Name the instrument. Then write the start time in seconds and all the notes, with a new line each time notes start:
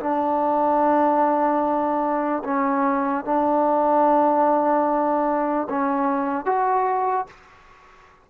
trombone
0.00 D4
2.44 C#4
3.25 D4
5.70 C#4
6.45 F#4